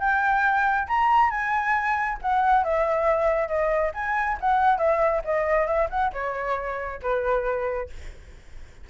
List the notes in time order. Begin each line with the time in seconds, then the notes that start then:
0.00 G5
0.88 A#5
1.31 G#5
2.22 F#5
2.65 E5
3.48 D#5
3.95 G#5
4.41 F#5
4.79 E5
5.25 D#5
5.67 E5
5.90 F#5
6.13 C#5
7.02 B4